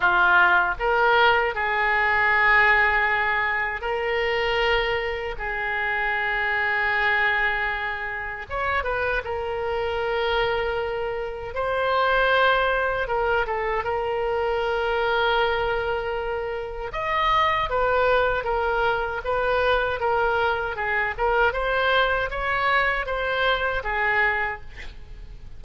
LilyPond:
\new Staff \with { instrumentName = "oboe" } { \time 4/4 \tempo 4 = 78 f'4 ais'4 gis'2~ | gis'4 ais'2 gis'4~ | gis'2. cis''8 b'8 | ais'2. c''4~ |
c''4 ais'8 a'8 ais'2~ | ais'2 dis''4 b'4 | ais'4 b'4 ais'4 gis'8 ais'8 | c''4 cis''4 c''4 gis'4 | }